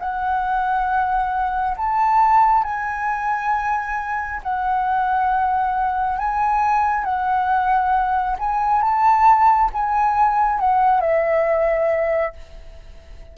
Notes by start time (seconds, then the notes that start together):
0.00 F#5
1.77 A5
2.64 G#5
4.44 F#5
6.19 G#5
7.05 F#5
8.39 G#5
8.82 A5
9.73 G#5
10.60 F#5
11.01 E5